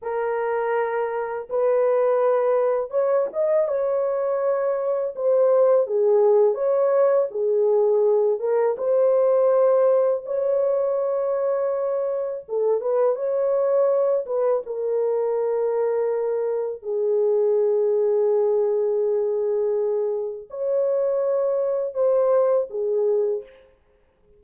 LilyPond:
\new Staff \with { instrumentName = "horn" } { \time 4/4 \tempo 4 = 82 ais'2 b'2 | cis''8 dis''8 cis''2 c''4 | gis'4 cis''4 gis'4. ais'8 | c''2 cis''2~ |
cis''4 a'8 b'8 cis''4. b'8 | ais'2. gis'4~ | gis'1 | cis''2 c''4 gis'4 | }